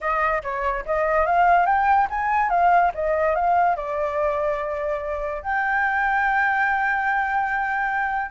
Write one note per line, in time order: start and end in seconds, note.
0.00 0.42 D#5
0.42 0.84 C#5
0.85 1.26 D#5
1.26 1.66 F5
1.66 2.07 G5
2.10 2.49 G#5
2.49 2.91 F5
2.94 3.35 D#5
3.35 3.76 F5
3.76 5.42 D5
5.42 8.31 G5